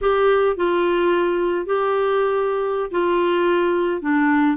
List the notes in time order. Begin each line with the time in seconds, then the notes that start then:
0.01 G4
0.56 F4
1.65 G4
2.91 F4
4.01 D4